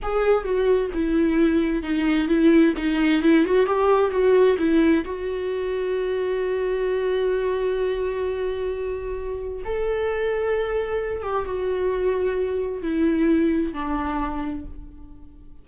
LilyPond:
\new Staff \with { instrumentName = "viola" } { \time 4/4 \tempo 4 = 131 gis'4 fis'4 e'2 | dis'4 e'4 dis'4 e'8 fis'8 | g'4 fis'4 e'4 fis'4~ | fis'1~ |
fis'1~ | fis'4 a'2.~ | a'8 g'8 fis'2. | e'2 d'2 | }